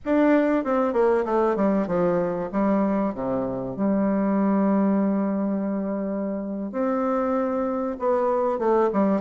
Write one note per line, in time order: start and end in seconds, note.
0.05 0.64 D4
0.64 0.93 C4
0.93 1.24 A#3
1.25 1.55 A3
1.55 1.87 G3
1.87 2.49 F3
2.52 3.14 G3
3.14 3.76 C3
3.76 6.72 G3
6.72 7.97 C4
7.99 8.59 B3
8.59 8.90 A3
8.92 9.21 G3